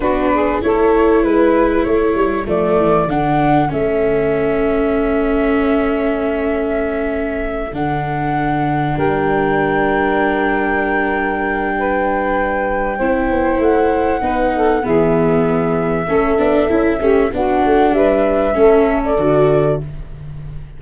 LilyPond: <<
  \new Staff \with { instrumentName = "flute" } { \time 4/4 \tempo 4 = 97 b'4 cis''4 b'4 cis''4 | d''4 fis''4 e''2~ | e''1~ | e''8 fis''2 g''4.~ |
g''1~ | g''2 fis''2 | e''1 | fis''4 e''4.~ e''16 d''4~ d''16 | }
  \new Staff \with { instrumentName = "saxophone" } { \time 4/4 fis'8 gis'8 a'4 b'4 a'4~ | a'1~ | a'1~ | a'2~ a'8 ais'4.~ |
ais'2. b'4~ | b'4 c''2 b'8 a'8 | gis'2 a'4. g'8 | fis'4 b'4 a'2 | }
  \new Staff \with { instrumentName = "viola" } { \time 4/4 d'4 e'2. | a4 d'4 cis'2~ | cis'1~ | cis'8 d'2.~ d'8~ |
d'1~ | d'4 e'2 dis'4 | b2 cis'8 d'8 e'8 cis'8 | d'2 cis'4 fis'4 | }
  \new Staff \with { instrumentName = "tuba" } { \time 4/4 b4 a4 gis4 a8 g8 | f8 e8 d4 a2~ | a1~ | a8 d2 g4.~ |
g1~ | g4 c'8 b8 a4 b4 | e2 a8 b8 cis'8 a8 | b8 a8 g4 a4 d4 | }
>>